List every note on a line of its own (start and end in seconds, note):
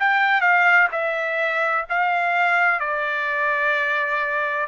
0.00 0.41 G5
0.41 0.88 F5
0.92 1.86 E5
1.90 2.80 F5
2.80 4.68 D5